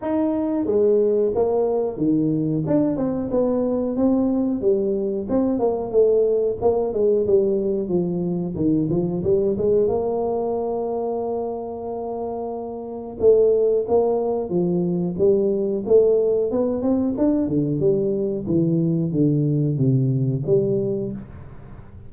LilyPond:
\new Staff \with { instrumentName = "tuba" } { \time 4/4 \tempo 4 = 91 dis'4 gis4 ais4 dis4 | d'8 c'8 b4 c'4 g4 | c'8 ais8 a4 ais8 gis8 g4 | f4 dis8 f8 g8 gis8 ais4~ |
ais1 | a4 ais4 f4 g4 | a4 b8 c'8 d'8 d8 g4 | e4 d4 c4 g4 | }